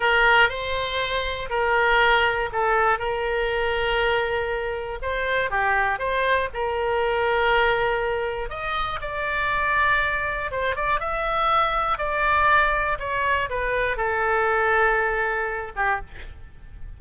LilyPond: \new Staff \with { instrumentName = "oboe" } { \time 4/4 \tempo 4 = 120 ais'4 c''2 ais'4~ | ais'4 a'4 ais'2~ | ais'2 c''4 g'4 | c''4 ais'2.~ |
ais'4 dis''4 d''2~ | d''4 c''8 d''8 e''2 | d''2 cis''4 b'4 | a'2.~ a'8 g'8 | }